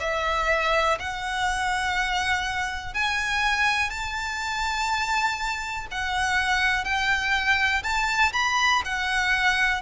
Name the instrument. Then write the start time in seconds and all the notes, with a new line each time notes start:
violin
0.00 E5
0.99 F#5
2.94 G#5
3.90 A5
5.91 F#5
6.84 G5
7.83 A5
8.33 B5
8.85 F#5